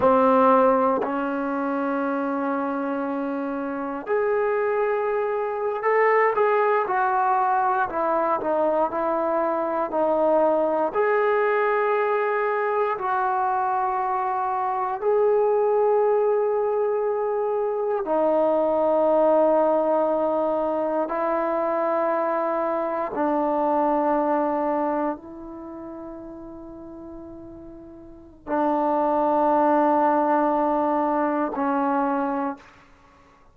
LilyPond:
\new Staff \with { instrumentName = "trombone" } { \time 4/4 \tempo 4 = 59 c'4 cis'2. | gis'4.~ gis'16 a'8 gis'8 fis'4 e'16~ | e'16 dis'8 e'4 dis'4 gis'4~ gis'16~ | gis'8. fis'2 gis'4~ gis'16~ |
gis'4.~ gis'16 dis'2~ dis'16~ | dis'8. e'2 d'4~ d'16~ | d'8. e'2.~ e'16 | d'2. cis'4 | }